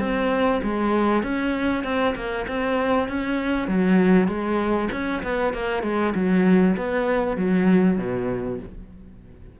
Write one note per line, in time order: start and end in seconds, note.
0.00 0.61 C4
0.63 1.23 G#3
1.23 1.84 C#4
1.84 2.15 C4
2.16 2.46 A#3
2.48 3.08 C4
3.08 3.68 C#4
3.68 4.28 F#3
4.28 4.89 G#3
4.92 5.23 C#4
5.23 5.54 B3
5.54 5.83 A#3
5.83 6.14 G#3
6.15 6.77 F#3
6.77 7.37 B3
7.37 7.98 F#3
7.98 8.59 B2